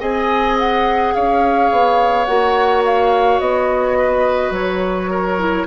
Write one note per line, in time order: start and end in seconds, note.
0.00 1.13 C4
0.00 2.26 G#4
0.00 1.13 D#5
0.00 0.57 G#5
0.58 1.14 F#5
1.14 1.70 C#4
1.14 3.98 C#5
1.14 2.25 F5
1.70 2.27 B3
2.25 3.39 A#3
2.25 5.38 F#4
2.25 2.82 F#5
2.84 3.39 F5
3.39 4.50 B3
3.39 4.52 D#5
3.98 5.10 B4
4.50 5.63 F#3
4.50 5.66 C#5
5.10 5.66 A#4
5.38 5.66 E4